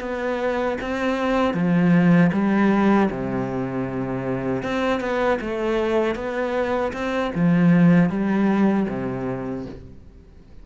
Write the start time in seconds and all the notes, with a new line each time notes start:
0.00 B3
0.81 C4
1.53 F3
2.32 G3
3.10 C3
4.62 C4
5.00 B3
5.41 A3
6.15 B3
6.93 C4
7.35 F3
8.09 G3
8.88 C3